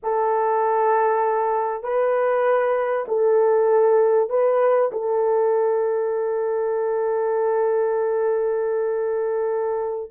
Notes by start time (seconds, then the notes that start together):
0.02 A4
1.83 B4
3.08 A4
4.29 B4
4.91 A4